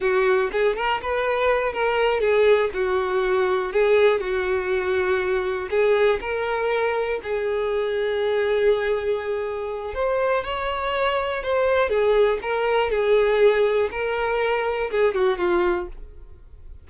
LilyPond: \new Staff \with { instrumentName = "violin" } { \time 4/4 \tempo 4 = 121 fis'4 gis'8 ais'8 b'4. ais'8~ | ais'8 gis'4 fis'2 gis'8~ | gis'8 fis'2. gis'8~ | gis'8 ais'2 gis'4.~ |
gis'1 | c''4 cis''2 c''4 | gis'4 ais'4 gis'2 | ais'2 gis'8 fis'8 f'4 | }